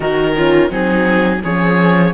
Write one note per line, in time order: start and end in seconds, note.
0.00 0.70 D#3
0.00 0.35 D#4
0.00 0.35 F#4
0.00 0.71 A#4
0.36 0.69 C#4
0.36 0.69 F4
0.69 1.42 F#3
0.69 1.40 C4
0.69 1.41 D#4
0.69 1.43 G#4
1.43 2.13 F3
1.43 2.13 C#4
1.43 2.13 G#4
1.43 2.13 C#5